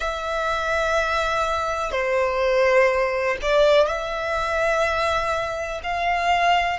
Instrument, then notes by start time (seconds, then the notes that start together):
violin
0.00 E5
1.91 C5
3.41 D5
3.87 E5
5.83 F5